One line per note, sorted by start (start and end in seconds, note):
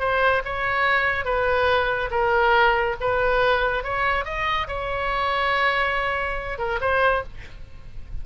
0.00 0.43 C5
0.45 1.25 C#5
1.25 2.10 B4
2.11 2.96 A#4
3.01 3.84 B4
3.84 4.25 C#5
4.25 4.68 D#5
4.68 6.58 C#5
6.58 6.80 A#4
6.81 7.24 C5